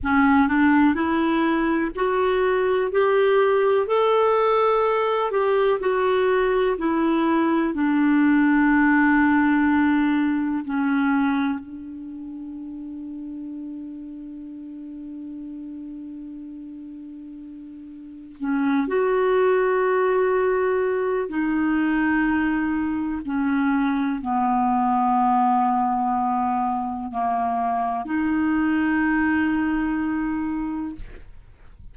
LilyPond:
\new Staff \with { instrumentName = "clarinet" } { \time 4/4 \tempo 4 = 62 cis'8 d'8 e'4 fis'4 g'4 | a'4. g'8 fis'4 e'4 | d'2. cis'4 | d'1~ |
d'2. cis'8 fis'8~ | fis'2 dis'2 | cis'4 b2. | ais4 dis'2. | }